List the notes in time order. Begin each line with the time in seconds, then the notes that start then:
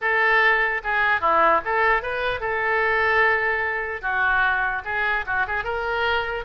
0.01 A4
0.83 G#4
1.20 E4
1.65 A4
2.02 B4
2.40 A4
4.01 F#4
4.84 G#4
5.26 F#4
5.47 G#4
5.64 A#4